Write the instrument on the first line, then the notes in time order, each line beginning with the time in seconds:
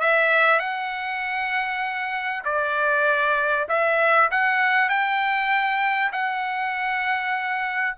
trumpet
0.00 E5
0.59 F#5
2.45 D5
3.68 E5
4.31 F#5
4.89 G5
6.12 F#5